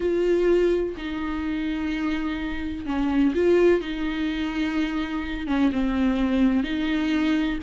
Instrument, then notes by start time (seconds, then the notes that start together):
viola
0.00 F4
0.97 D#4
2.86 C#4
3.34 F4
3.81 D#4
5.47 C#4
5.71 C4
6.63 D#4